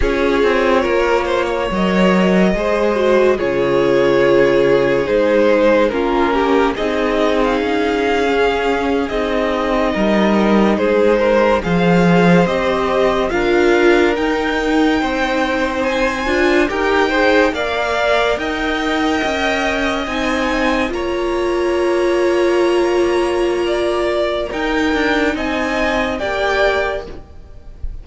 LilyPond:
<<
  \new Staff \with { instrumentName = "violin" } { \time 4/4 \tempo 4 = 71 cis''2 dis''2 | cis''2 c''4 ais'4 | dis''8. f''2 dis''4~ dis''16~ | dis''8. c''4 f''4 dis''4 f''16~ |
f''8. g''2 gis''4 g''16~ | g''8. f''4 g''2 gis''16~ | gis''8. ais''2.~ ais''16~ | ais''4 g''4 gis''4 g''4 | }
  \new Staff \with { instrumentName = "violin" } { \time 4/4 gis'4 ais'8 c''16 cis''4~ cis''16 c''4 | gis'2. f'8 g'8 | gis'2.~ gis'8. ais'16~ | ais'8. gis'8 ais'8 c''2 ais'16~ |
ais'4.~ ais'16 c''2 ais'16~ | ais'16 c''8 d''4 dis''2~ dis''16~ | dis''8. cis''2.~ cis''16 | d''4 ais'4 dis''4 d''4 | }
  \new Staff \with { instrumentName = "viola" } { \time 4/4 f'2 ais'4 gis'8 fis'8 | f'2 dis'4 cis'4 | dis'4.~ dis'16 cis'4 dis'4~ dis'16~ | dis'4.~ dis'16 gis'4 g'4 f'16~ |
f'8. dis'2~ dis'8 f'8 g'16~ | g'16 gis'8 ais'2. dis'16~ | dis'8. f'2.~ f'16~ | f'4 dis'2 g'4 | }
  \new Staff \with { instrumentName = "cello" } { \time 4/4 cis'8 c'8 ais4 fis4 gis4 | cis2 gis4 ais4 | c'4 cis'4.~ cis'16 c'4 g16~ | g8. gis4 f4 c'4 d'16~ |
d'8. dis'4 c'4. d'8 dis'16~ | dis'8. ais4 dis'4 cis'4 c'16~ | c'8. ais2.~ ais16~ | ais4 dis'8 d'8 c'4 ais4 | }
>>